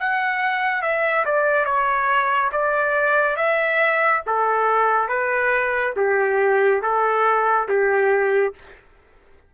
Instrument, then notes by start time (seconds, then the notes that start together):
trumpet
0.00 F#5
0.82 E5
1.25 D5
1.66 C#5
2.52 D5
3.37 E5
4.27 A4
5.09 B4
5.97 G4
6.83 A4
7.69 G4